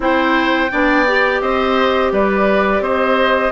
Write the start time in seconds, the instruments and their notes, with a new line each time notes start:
0.00 bassoon C4, clarinet E4, oboe C5, flute G5
0.70 bassoon B3, clarinet D4, oboe D5
1.07 clarinet G4
1.41 bassoon C4, oboe C5, flute D#5
2.12 bassoon G3, oboe B4, flute D5
2.80 bassoon C4, oboe C5, flute D#5